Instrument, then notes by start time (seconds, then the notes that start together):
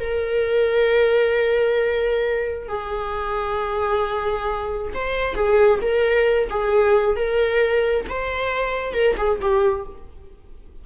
viola
0.00 A#4
2.68 G#4
4.94 C5
5.35 G#4
5.82 A#4
6.50 G#4
7.16 A#4
8.09 C5
8.93 A#4
9.17 G#4
9.41 G4